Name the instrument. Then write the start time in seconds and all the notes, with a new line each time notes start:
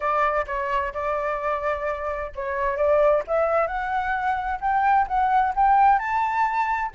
flute
0.00 D5
0.47 C#5
0.93 D5
2.35 C#5
2.76 D5
3.27 E5
3.67 F#5
4.60 G5
5.07 F#5
5.55 G5
5.99 A5